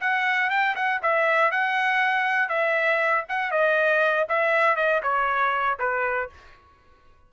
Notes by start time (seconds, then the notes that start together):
0.00 F#5
0.50 G5
0.75 F#5
1.02 E5
1.51 F#5
2.49 E5
3.28 F#5
3.51 D#5
4.29 E5
4.76 D#5
5.02 C#5
5.79 B4